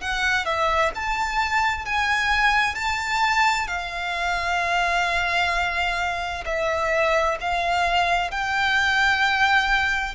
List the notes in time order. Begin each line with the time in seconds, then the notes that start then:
0.00 F#5
0.45 E5
0.94 A5
1.85 G#5
2.74 A5
3.67 F5
6.45 E5
7.40 F5
8.30 G5